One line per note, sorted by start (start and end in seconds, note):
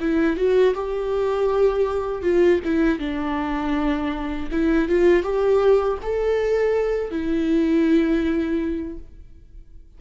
0.00 0.36 E4
0.36 0.74 F#4
0.74 2.22 G4
2.22 2.59 F4
2.64 2.99 E4
2.99 4.49 D4
4.51 4.88 E4
4.88 5.23 F4
5.23 5.98 G4
6.02 7.10 A4
7.10 8.98 E4